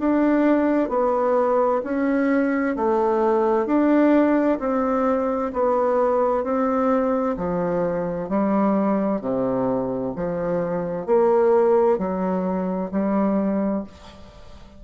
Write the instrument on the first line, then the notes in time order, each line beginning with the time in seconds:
bassoon
0.00 D4
0.89 B3
1.84 C#4
2.77 A3
3.67 D4
4.60 C4
5.53 B3
6.44 C4
7.38 F3
8.30 G3
9.21 C3
10.16 F3
11.07 A#3
11.99 F#3
12.92 G3